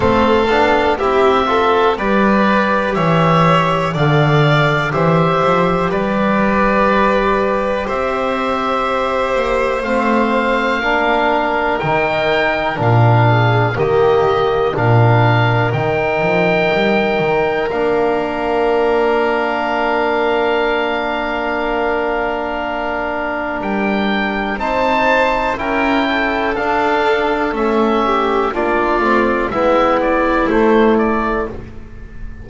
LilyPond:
<<
  \new Staff \with { instrumentName = "oboe" } { \time 4/4 \tempo 4 = 61 f''4 e''4 d''4 e''4 | f''4 e''4 d''2 | e''2 f''2 | g''4 f''4 dis''4 f''4 |
g''2 f''2~ | f''1 | g''4 a''4 g''4 f''4 | e''4 d''4 e''8 d''8 c''8 d''8 | }
  \new Staff \with { instrumentName = "violin" } { \time 4/4 a'4 g'8 a'8 b'4 cis''4 | d''4 c''4 b'2 | c''2. ais'4~ | ais'4. gis'8 g'4 ais'4~ |
ais'1~ | ais'1~ | ais'4 c''4 ais'8 a'4.~ | a'8 g'8 f'4 e'2 | }
  \new Staff \with { instrumentName = "trombone" } { \time 4/4 c'8 d'8 e'8 f'8 g'2 | a'4 g'2.~ | g'2 c'4 d'4 | dis'4 d'4 ais4 d'4 |
dis'2 d'2~ | d'1~ | d'4 dis'4 e'4 d'4 | cis'4 d'8 c'8 b4 a4 | }
  \new Staff \with { instrumentName = "double bass" } { \time 4/4 a8 b8 c'4 g4 e4 | d4 e8 f8 g2 | c'4. ais8 a4 ais4 | dis4 ais,4 dis4 ais,4 |
dis8 f8 g8 dis8 ais2~ | ais1 | g4 c'4 cis'4 d'4 | a4 ais8 a8 gis4 a4 | }
>>